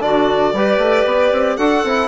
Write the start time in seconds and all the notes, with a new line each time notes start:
0.00 D3 D4 F#4 D5
0.52 G3 G4 B4
0.78 A3
1.05 B3
1.32 C4
1.57 D4 F#4 A4 F#5
1.84 C4 E4